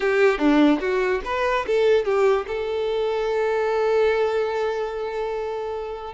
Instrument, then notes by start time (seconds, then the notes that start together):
violin
0.00 G4
0.38 D4
0.80 F#4
1.24 B4
1.67 A4
2.05 G4
2.47 A4